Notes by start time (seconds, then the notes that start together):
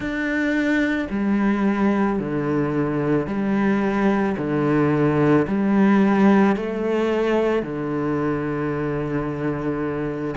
0.00 D4
1.10 G3
2.19 D3
3.27 G3
4.37 D3
5.47 G3
6.56 A3
7.62 D3